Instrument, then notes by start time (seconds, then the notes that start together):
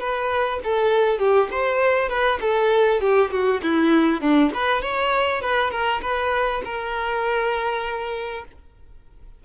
violin
0.00 B4
0.64 A4
1.19 G4
1.51 C5
2.09 B4
2.41 A4
3.01 G4
3.31 F#4
3.63 E4
4.21 D4
4.54 B4
4.82 C#5
5.42 B4
5.71 A#4
6.02 B4
6.65 A#4